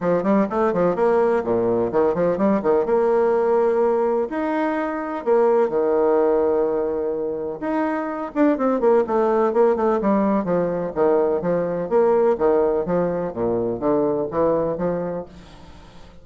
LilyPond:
\new Staff \with { instrumentName = "bassoon" } { \time 4/4 \tempo 4 = 126 f8 g8 a8 f8 ais4 ais,4 | dis8 f8 g8 dis8 ais2~ | ais4 dis'2 ais4 | dis1 |
dis'4. d'8 c'8 ais8 a4 | ais8 a8 g4 f4 dis4 | f4 ais4 dis4 f4 | ais,4 d4 e4 f4 | }